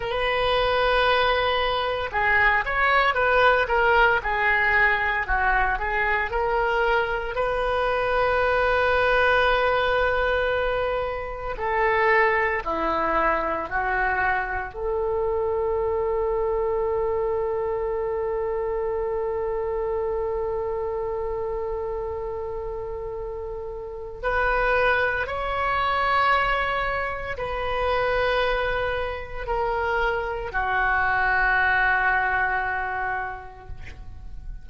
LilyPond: \new Staff \with { instrumentName = "oboe" } { \time 4/4 \tempo 4 = 57 b'2 gis'8 cis''8 b'8 ais'8 | gis'4 fis'8 gis'8 ais'4 b'4~ | b'2. a'4 | e'4 fis'4 a'2~ |
a'1~ | a'2. b'4 | cis''2 b'2 | ais'4 fis'2. | }